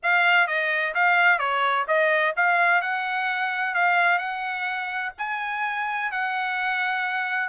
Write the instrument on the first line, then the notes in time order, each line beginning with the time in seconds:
trumpet
0.02 F5
0.47 D#5
0.94 F5
1.38 C#5
1.87 D#5
2.36 F5
2.81 F#5
3.74 F5
4.18 F#5
5.18 G#5
6.11 F#5